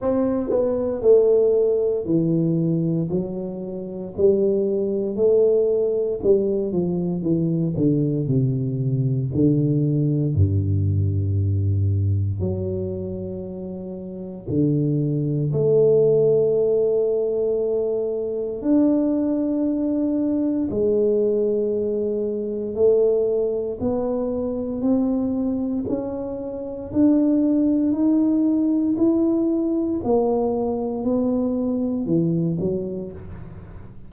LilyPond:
\new Staff \with { instrumentName = "tuba" } { \time 4/4 \tempo 4 = 58 c'8 b8 a4 e4 fis4 | g4 a4 g8 f8 e8 d8 | c4 d4 g,2 | fis2 d4 a4~ |
a2 d'2 | gis2 a4 b4 | c'4 cis'4 d'4 dis'4 | e'4 ais4 b4 e8 fis8 | }